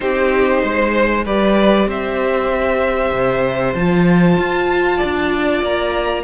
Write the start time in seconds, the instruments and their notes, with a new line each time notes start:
0.00 cello C4, viola D#4, violin G4 C5
0.62 cello G#3, violin C5
1.25 cello G3, viola G4, violin B4 D5
1.86 cello C4, violin C5 E5
3.11 cello C3
3.74 cello F3, viola F4, violin A5
4.38 cello F4
4.97 violin D5
5.03 cello D4
5.61 cello A#3, violin A#5